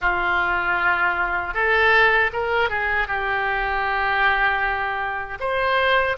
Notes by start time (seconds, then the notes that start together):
0.01 F4
1.53 A4
2.33 A#4
2.69 G#4
3.07 G4
5.40 C5